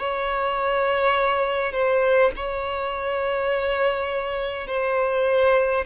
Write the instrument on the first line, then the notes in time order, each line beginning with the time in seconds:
violin
0.00 C#5
1.73 C5
2.36 C#5
4.68 C5